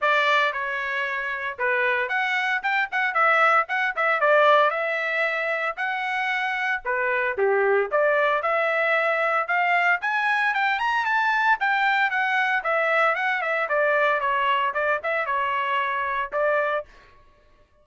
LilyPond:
\new Staff \with { instrumentName = "trumpet" } { \time 4/4 \tempo 4 = 114 d''4 cis''2 b'4 | fis''4 g''8 fis''8 e''4 fis''8 e''8 | d''4 e''2 fis''4~ | fis''4 b'4 g'4 d''4 |
e''2 f''4 gis''4 | g''8 ais''8 a''4 g''4 fis''4 | e''4 fis''8 e''8 d''4 cis''4 | d''8 e''8 cis''2 d''4 | }